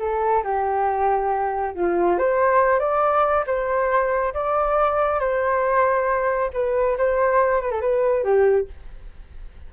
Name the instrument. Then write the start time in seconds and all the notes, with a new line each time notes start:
flute
0.00 A4
0.44 G4
1.75 F4
2.19 C5
2.80 D5
3.47 C5
4.34 D5
5.20 C5
6.54 B4
6.98 C5
7.62 B4
7.72 A4
7.81 B4
8.24 G4